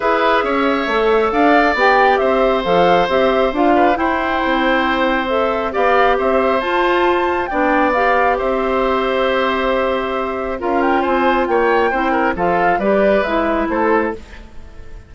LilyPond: <<
  \new Staff \with { instrumentName = "flute" } { \time 4/4 \tempo 4 = 136 e''2. f''4 | g''4 e''4 f''4 e''4 | f''4 g''2. | e''4 f''4 e''4 a''4~ |
a''4 g''4 f''4 e''4~ | e''1 | f''8 g''8 gis''4 g''2 | f''4 d''4 e''4 c''4 | }
  \new Staff \with { instrumentName = "oboe" } { \time 4/4 b'4 cis''2 d''4~ | d''4 c''2.~ | c''8 b'8 c''2.~ | c''4 d''4 c''2~ |
c''4 d''2 c''4~ | c''1 | ais'4 c''4 cis''4 c''8 ais'8 | a'4 b'2 a'4 | }
  \new Staff \with { instrumentName = "clarinet" } { \time 4/4 gis'2 a'2 | g'2 a'4 g'4 | f'4 e'2. | a'4 g'2 f'4~ |
f'4 d'4 g'2~ | g'1 | f'2. e'4 | f'4 g'4 e'2 | }
  \new Staff \with { instrumentName = "bassoon" } { \time 4/4 e'4 cis'4 a4 d'4 | b4 c'4 f4 c'4 | d'4 e'4 c'2~ | c'4 b4 c'4 f'4~ |
f'4 b2 c'4~ | c'1 | cis'4 c'4 ais4 c'4 | f4 g4 gis4 a4 | }
>>